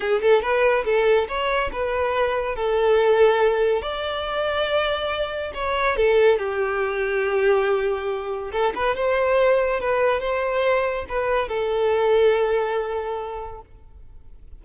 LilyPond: \new Staff \with { instrumentName = "violin" } { \time 4/4 \tempo 4 = 141 gis'8 a'8 b'4 a'4 cis''4 | b'2 a'2~ | a'4 d''2.~ | d''4 cis''4 a'4 g'4~ |
g'1 | a'8 b'8 c''2 b'4 | c''2 b'4 a'4~ | a'1 | }